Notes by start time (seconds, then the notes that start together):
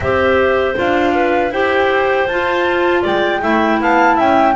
0.00 C4 G4 C5 E5
0.75 D4 F4 F5
1.14 B4
1.50 E4 G4 C5 G5
2.26 F4 A5
3.02 G#3 D5 G5
3.41 A3 E4 E5
3.80 B3 F5 A5
4.15 C#4 E5 G5